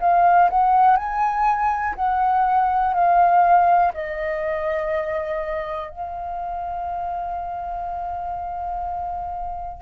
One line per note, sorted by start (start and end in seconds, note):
0.00 0.49 F5
0.50 0.97 F#5
0.97 1.95 G#5
1.95 2.94 F#5
2.94 3.92 F5
3.93 5.90 D#5
5.90 9.82 F5